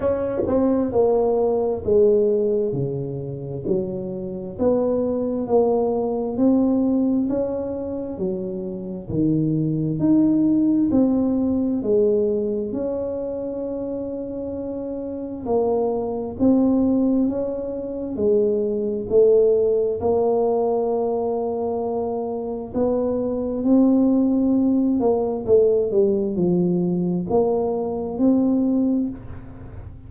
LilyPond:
\new Staff \with { instrumentName = "tuba" } { \time 4/4 \tempo 4 = 66 cis'8 c'8 ais4 gis4 cis4 | fis4 b4 ais4 c'4 | cis'4 fis4 dis4 dis'4 | c'4 gis4 cis'2~ |
cis'4 ais4 c'4 cis'4 | gis4 a4 ais2~ | ais4 b4 c'4. ais8 | a8 g8 f4 ais4 c'4 | }